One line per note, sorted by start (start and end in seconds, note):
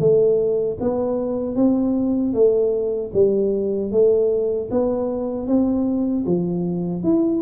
0.00 0.78 A3
0.81 1.56 B3
1.56 2.34 C4
2.34 3.12 A3
3.14 3.92 G3
3.92 4.70 A3
4.71 5.48 B3
5.48 6.26 C4
6.26 7.03 F3
7.03 7.42 E4